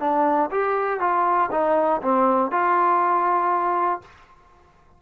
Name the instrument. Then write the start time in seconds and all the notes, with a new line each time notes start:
trombone
0.00 D4
0.50 G4
1.00 F4
1.51 D#4
2.02 C4
2.51 F4